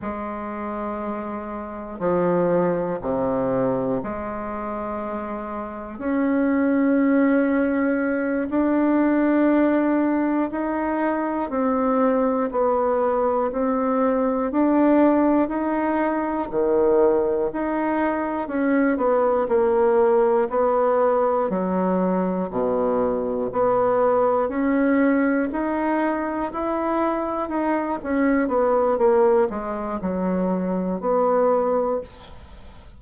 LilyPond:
\new Staff \with { instrumentName = "bassoon" } { \time 4/4 \tempo 4 = 60 gis2 f4 c4 | gis2 cis'2~ | cis'8 d'2 dis'4 c'8~ | c'8 b4 c'4 d'4 dis'8~ |
dis'8 dis4 dis'4 cis'8 b8 ais8~ | ais8 b4 fis4 b,4 b8~ | b8 cis'4 dis'4 e'4 dis'8 | cis'8 b8 ais8 gis8 fis4 b4 | }